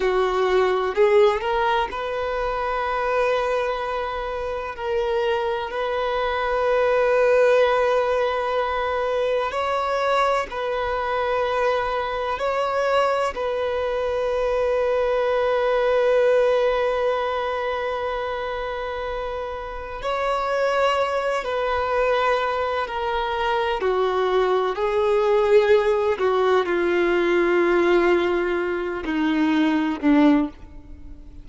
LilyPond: \new Staff \with { instrumentName = "violin" } { \time 4/4 \tempo 4 = 63 fis'4 gis'8 ais'8 b'2~ | b'4 ais'4 b'2~ | b'2 cis''4 b'4~ | b'4 cis''4 b'2~ |
b'1~ | b'4 cis''4. b'4. | ais'4 fis'4 gis'4. fis'8 | f'2~ f'8 dis'4 d'8 | }